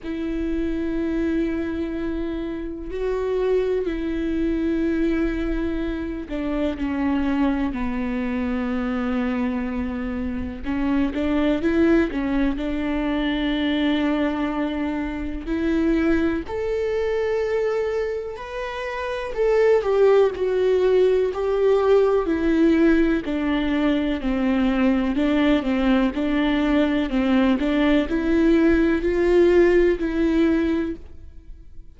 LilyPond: \new Staff \with { instrumentName = "viola" } { \time 4/4 \tempo 4 = 62 e'2. fis'4 | e'2~ e'8 d'8 cis'4 | b2. cis'8 d'8 | e'8 cis'8 d'2. |
e'4 a'2 b'4 | a'8 g'8 fis'4 g'4 e'4 | d'4 c'4 d'8 c'8 d'4 | c'8 d'8 e'4 f'4 e'4 | }